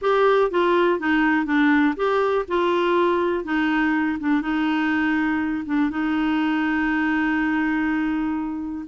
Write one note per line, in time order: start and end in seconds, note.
0.01 0.50 G4
0.51 0.99 F4
0.99 1.45 D#4
1.45 1.94 D4
1.96 2.45 G4
2.48 3.44 F4
3.44 4.18 D#4
4.19 4.41 D4
4.41 5.64 D#4
5.65 5.90 D4
5.90 8.85 D#4